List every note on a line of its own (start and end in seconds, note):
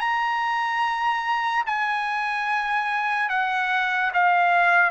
0.00 1.64 A#5
1.67 3.30 G#5
3.30 4.12 F#5
4.14 4.91 F5